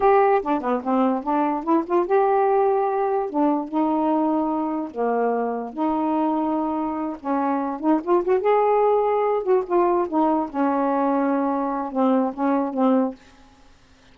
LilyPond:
\new Staff \with { instrumentName = "saxophone" } { \time 4/4 \tempo 4 = 146 g'4 d'8 b8 c'4 d'4 | e'8 f'8 g'2. | d'4 dis'2. | ais2 dis'2~ |
dis'4. cis'4. dis'8 f'8 | fis'8 gis'2~ gis'8 fis'8 f'8~ | f'8 dis'4 cis'2~ cis'8~ | cis'4 c'4 cis'4 c'4 | }